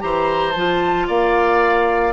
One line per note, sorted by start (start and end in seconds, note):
0.00 0.55 E3
0.00 0.53 G4
0.00 1.07 C5
0.00 0.53 A#5
0.53 1.08 F3
0.53 2.13 F4
0.53 1.06 A5
1.07 2.13 A#3
1.07 2.13 D5
1.07 2.13 F5